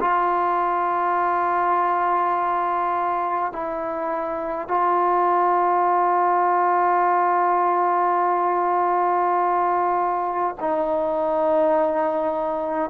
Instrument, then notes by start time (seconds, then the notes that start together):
trombone
0.00 F4
3.52 E4
4.67 F4
10.60 D#4